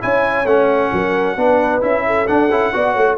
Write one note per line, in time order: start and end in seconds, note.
0.00 0.45 C#4
0.00 0.45 E4
0.00 0.93 C#5
0.00 0.46 G#5
0.45 0.90 A3
0.45 1.37 C#4
0.45 1.82 F#5
0.92 1.36 F#3
0.92 1.36 A#4
1.36 1.81 B3
1.36 1.81 D4
1.36 2.04 B4
1.81 2.27 C#4
1.81 2.26 E4
1.81 2.27 E5
2.06 2.74 A4
2.26 2.49 D4
2.26 2.50 D4
2.26 3.17 F#5
2.50 2.73 C#4
2.50 2.73 E4
2.73 2.95 B3
2.73 3.18 F#4
2.73 2.92 D5
2.92 3.18 A3
2.92 3.14 C#5